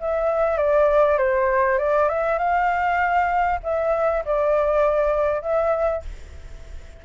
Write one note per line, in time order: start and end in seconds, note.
0.00 0.57 E5
0.57 1.18 D5
1.18 1.79 C5
1.79 2.09 D5
2.09 2.39 E5
2.39 3.60 F5
3.63 4.24 E5
4.25 5.42 D5
5.42 6.02 E5